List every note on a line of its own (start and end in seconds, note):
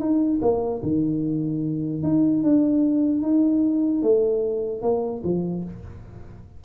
0.00 0.40 D#4
0.42 0.82 A#3
0.83 2.03 D#3
2.03 2.44 D#4
2.44 3.22 D4
3.22 4.03 D#4
4.03 4.82 A3
4.82 5.23 A#3
5.24 5.64 F3